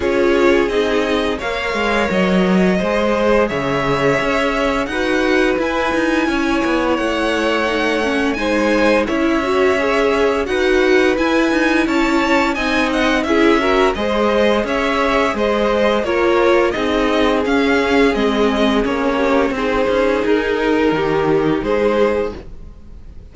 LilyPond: <<
  \new Staff \with { instrumentName = "violin" } { \time 4/4 \tempo 4 = 86 cis''4 dis''4 f''4 dis''4~ | dis''4 e''2 fis''4 | gis''2 fis''2 | gis''4 e''2 fis''4 |
gis''4 a''4 gis''8 fis''8 e''4 | dis''4 e''4 dis''4 cis''4 | dis''4 f''4 dis''4 cis''4 | c''4 ais'2 c''4 | }
  \new Staff \with { instrumentName = "violin" } { \time 4/4 gis'2 cis''2 | c''4 cis''2 b'4~ | b'4 cis''2. | c''4 cis''2 b'4~ |
b'4 cis''4 dis''4 gis'8 ais'8 | c''4 cis''4 c''4 ais'4 | gis'2.~ gis'8 g'8 | gis'2 g'4 gis'4 | }
  \new Staff \with { instrumentName = "viola" } { \time 4/4 f'4 dis'4 ais'2 | gis'2. fis'4 | e'2. dis'8 cis'8 | dis'4 e'8 fis'8 gis'4 fis'4 |
e'2 dis'4 e'8 fis'8 | gis'2. f'4 | dis'4 cis'4 c'4 cis'4 | dis'1 | }
  \new Staff \with { instrumentName = "cello" } { \time 4/4 cis'4 c'4 ais8 gis8 fis4 | gis4 cis4 cis'4 dis'4 | e'8 dis'8 cis'8 b8 a2 | gis4 cis'2 dis'4 |
e'8 dis'8 cis'4 c'4 cis'4 | gis4 cis'4 gis4 ais4 | c'4 cis'4 gis4 ais4 | c'8 cis'8 dis'4 dis4 gis4 | }
>>